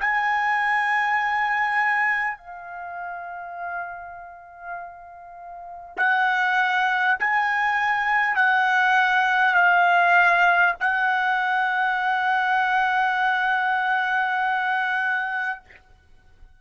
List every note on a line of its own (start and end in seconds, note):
0.00 2.37 G#5
2.37 5.97 F5
5.97 7.17 F#5
7.19 8.36 G#5
8.36 9.55 F#5
9.55 10.75 F5
10.80 15.60 F#5